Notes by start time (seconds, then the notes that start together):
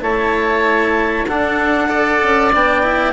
0.00 A3 E4 C#5 A5
1.26 D4 A4 F#5
1.88 A4 D5
2.23 C#4
2.52 B3 D4 G5
2.83 E4